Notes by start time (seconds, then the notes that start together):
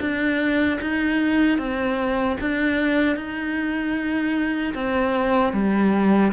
0.00 D4
0.80 D#4
1.58 C4
2.40 D4
3.16 D#4
4.74 C4
5.53 G3